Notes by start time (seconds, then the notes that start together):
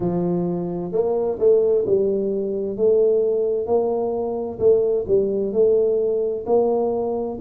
0.00 F3
0.92 A#3
1.39 A3
1.86 G3
2.77 A3
3.66 A#3
4.59 A3
5.07 G3
5.53 A3
6.46 A#3